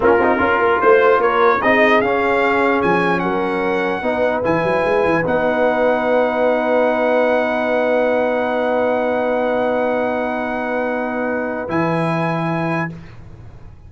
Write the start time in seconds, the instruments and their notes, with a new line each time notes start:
0.00 tuba A#3, trombone C#4, horn F4, trumpet A#4
0.18 tuba C4, trombone D#4
0.37 tuba C#4, trombone F4, horn A#4
0.59 tuba A#3
0.80 tuba A3, horn C5, trumpet C5
1.18 tuba A#3, horn A#4, trumpet C#5
1.61 tuba C4, trombone D#4, horn G#4, trumpet D#5
2.01 tuba C#4, trombone C#4, trumpet F5
2.82 tuba F3, trumpet G#5
3.19 tuba F#3, horn A#4, trumpet F#5
4.02 tuba B3, trombone D#4, horn B4
4.43 tuba E3, trombone E4, trumpet G#5
4.63 tuba F#3
4.84 tuba G#3
5.03 tuba E3
5.24 tuba B3, trombone D#4, trumpet F#5
11.68 tuba E3, trombone E4, trumpet G#5